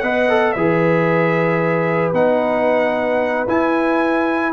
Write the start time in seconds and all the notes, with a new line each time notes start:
0.00 B3 B4 D#5 F#5
0.29 A4
0.52 E3 G#4 B4 E5
2.13 B3 D#4 F#5
3.48 E4 G#5